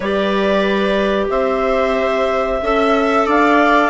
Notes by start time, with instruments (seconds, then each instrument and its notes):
0.00 bassoon G3, clarinet G4 D5, viola B4
1.29 bassoon C4, viola C5, clarinet E5
2.62 bassoon C#4, clarinet A4, viola E5
3.26 bassoon D4, viola D5, clarinet F5